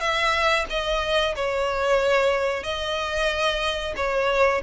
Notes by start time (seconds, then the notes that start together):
0.00 E5
0.70 D#5
1.35 C#5
2.63 D#5
3.96 C#5